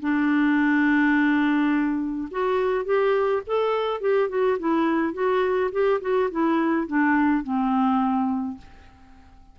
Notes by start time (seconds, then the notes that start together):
0.00 D4
2.31 F#4
2.85 G4
3.46 A4
4.01 G4
4.29 F#4
4.59 E4
5.13 F#4
5.72 G4
6.01 F#4
6.31 E4
6.87 D4
7.43 C4